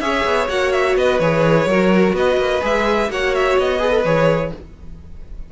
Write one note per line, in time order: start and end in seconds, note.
0.00 0.24 C#4
0.00 0.48 G#4
0.00 0.99 C#5
0.00 0.47 E5
0.24 0.48 B3
0.48 0.95 A#3
0.48 1.19 F#4
0.48 0.72 F#5
0.72 0.95 E5
0.95 1.19 B3
0.95 1.68 B4
0.95 1.19 D#5
1.19 1.66 E3
1.19 1.69 G#4
1.19 2.14 C#5
1.66 2.12 F#3
1.66 2.61 F#4
1.66 2.15 A#4
2.12 2.36 B3
2.12 3.09 B4
2.12 2.63 D#5
2.37 2.60 A#3
2.61 3.09 G#3
2.61 3.08 G#4
2.61 3.11 E5
3.09 3.56 A#3
3.09 3.79 F#4
3.09 3.80 C#5
3.09 3.34 F#5
3.34 3.58 E5
3.58 4.04 B3
3.58 4.05 D#5
3.79 3.90 G#4
3.79 4.51 B4
3.90 4.02 A4
4.04 4.51 E3
4.04 4.52 G#4
4.04 4.52 C#5